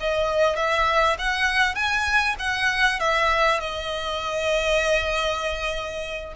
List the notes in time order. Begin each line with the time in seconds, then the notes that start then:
0.00 D#5
0.56 E5
1.18 F#5
1.75 G#5
2.39 F#5
2.99 E5
3.60 D#5